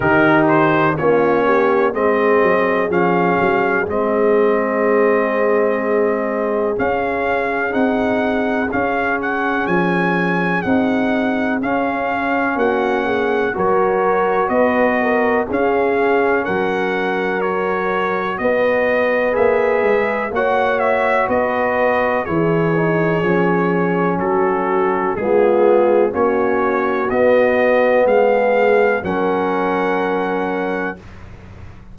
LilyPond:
<<
  \new Staff \with { instrumentName = "trumpet" } { \time 4/4 \tempo 4 = 62 ais'8 c''8 cis''4 dis''4 f''4 | dis''2. f''4 | fis''4 f''8 fis''8 gis''4 fis''4 | f''4 fis''4 cis''4 dis''4 |
f''4 fis''4 cis''4 dis''4 | e''4 fis''8 e''8 dis''4 cis''4~ | cis''4 a'4 gis'4 cis''4 | dis''4 f''4 fis''2 | }
  \new Staff \with { instrumentName = "horn" } { \time 4/4 g'4 f'8 g'8 gis'2~ | gis'1~ | gis'1~ | gis'4 fis'8 gis'8 ais'4 b'8 ais'8 |
gis'4 ais'2 b'4~ | b'4 cis''4 b'4 gis'4~ | gis'4 fis'4 f'4 fis'4~ | fis'4 gis'4 ais'2 | }
  \new Staff \with { instrumentName = "trombone" } { \time 4/4 dis'4 cis'4 c'4 cis'4 | c'2. cis'4 | dis'4 cis'2 dis'4 | cis'2 fis'2 |
cis'2 fis'2 | gis'4 fis'2 e'8 dis'8 | cis'2 b4 cis'4 | b2 cis'2 | }
  \new Staff \with { instrumentName = "tuba" } { \time 4/4 dis4 ais4 gis8 fis8 f8 fis8 | gis2. cis'4 | c'4 cis'4 f4 c'4 | cis'4 ais4 fis4 b4 |
cis'4 fis2 b4 | ais8 gis8 ais4 b4 e4 | f4 fis4 gis4 ais4 | b4 gis4 fis2 | }
>>